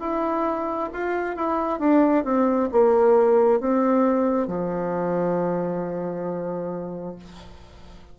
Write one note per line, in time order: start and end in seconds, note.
0.00 0.90 E4
0.93 1.36 F4
1.36 1.80 E4
1.80 2.24 D4
2.24 2.69 C4
2.72 3.60 A#3
3.60 4.47 C4
4.47 7.16 F3